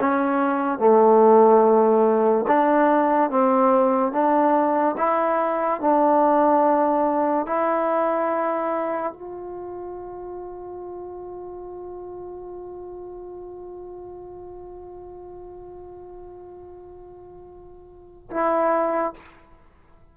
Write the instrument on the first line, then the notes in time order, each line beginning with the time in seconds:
trombone
0.00 C#4
0.78 A3
2.47 D4
3.30 C4
4.12 D4
4.97 E4
5.81 D4
7.47 E4
9.13 F4
18.31 E4